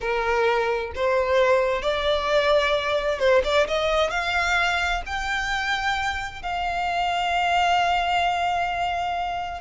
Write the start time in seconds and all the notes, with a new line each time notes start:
0.01 A#4
0.95 C5
1.82 D5
3.19 C5
3.44 D5
3.67 D#5
4.10 F5
5.06 G5
6.42 F5